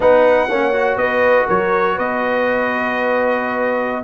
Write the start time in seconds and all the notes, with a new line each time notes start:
0.00 B3 D#4 B4 F#5
0.48 A#3 C#4 C#5
0.72 F#4
0.96 B3 B4 D#5
1.46 F#3 A#4 C#5
1.95 B3 B4 D#5